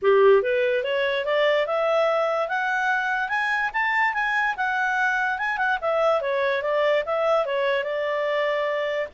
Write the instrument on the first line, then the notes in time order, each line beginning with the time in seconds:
clarinet
0.02 G4
0.42 B4
0.83 C#5
1.25 D5
1.66 E5
2.48 F#5
3.29 G#5
3.73 A5
4.13 G#5
4.56 F#5
5.38 G#5
5.57 F#5
5.81 E5
6.21 C#5
6.62 D5
7.05 E5
7.45 C#5
7.83 D5